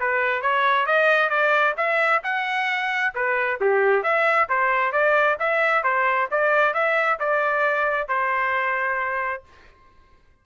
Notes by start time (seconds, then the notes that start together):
0.00 B4
0.42 C#5
0.87 D#5
1.30 D5
1.77 E5
2.24 F#5
3.15 B4
3.61 G4
4.03 E5
4.49 C5
4.92 D5
5.40 E5
5.83 C5
6.31 D5
6.74 E5
7.20 D5
8.08 C5